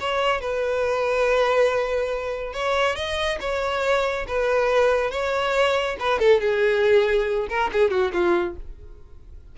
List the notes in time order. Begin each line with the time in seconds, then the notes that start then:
0.00 C#5
0.41 B4
2.53 C#5
2.96 D#5
3.40 C#5
4.28 B4
5.11 C#5
6.00 B4
6.19 A4
6.41 G#4
7.49 A#4
7.72 G#4
7.90 F#4
8.13 F4